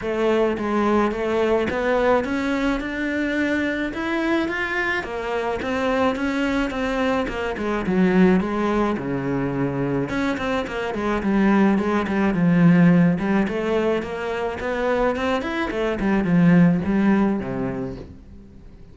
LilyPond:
\new Staff \with { instrumentName = "cello" } { \time 4/4 \tempo 4 = 107 a4 gis4 a4 b4 | cis'4 d'2 e'4 | f'4 ais4 c'4 cis'4 | c'4 ais8 gis8 fis4 gis4 |
cis2 cis'8 c'8 ais8 gis8 | g4 gis8 g8 f4. g8 | a4 ais4 b4 c'8 e'8 | a8 g8 f4 g4 c4 | }